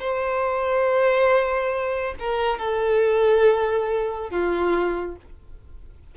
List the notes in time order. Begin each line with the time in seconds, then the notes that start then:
0.00 C5
2.19 A#4
2.58 A4
4.30 F4